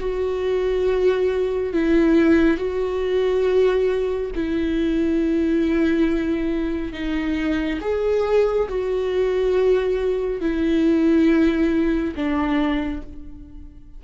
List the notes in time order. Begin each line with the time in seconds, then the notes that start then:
0.00 F#4
1.73 E4
2.58 F#4
4.35 E4
6.93 D#4
7.81 G#4
8.69 F#4
10.41 E4
12.16 D4